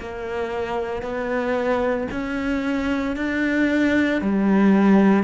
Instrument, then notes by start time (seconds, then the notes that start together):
cello
0.00 A#3
1.02 B3
2.12 C#4
3.16 D4
4.22 G3